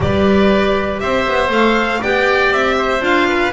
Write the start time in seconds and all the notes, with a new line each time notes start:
0.00 G3 G4 B4 D5
0.99 C4 C5 E5
1.28 B3
1.48 A3 A4 F5
2.00 B3 G4 D5 G5
2.50 C4 E5
2.77 C5
3.00 D4 F4 F5
3.28 B4